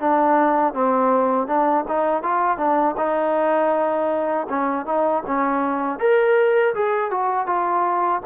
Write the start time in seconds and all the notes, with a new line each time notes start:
0.00 D4
0.74 C4
1.47 D4
1.88 D#4
2.23 F4
2.58 D4
2.97 D#4
4.49 C#4
4.86 D#4
5.26 C#4
5.99 A#4
6.74 G#4
7.11 F#4
7.46 F4